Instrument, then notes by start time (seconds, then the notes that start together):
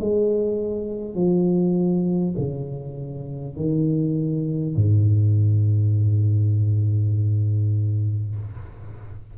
tuba
0.00 G#3
1.15 F3
2.38 C#3
3.56 D#3
4.76 G#2